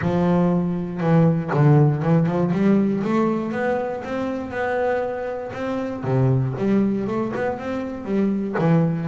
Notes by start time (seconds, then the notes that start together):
0.01 F3
1.00 E3
1.53 D3
2.02 E3
2.26 F3
2.52 G3
3.04 A3
3.52 B3
4.04 C4
4.50 B3
5.53 C4
6.03 C3
6.58 G3
7.07 A3
7.35 B3
7.58 C4
8.04 G3
8.58 E3